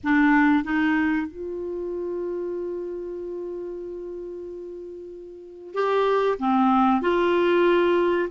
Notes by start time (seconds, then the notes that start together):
0.03 D4
0.64 D#4
1.27 F4
5.74 G4
6.39 C4
7.01 F4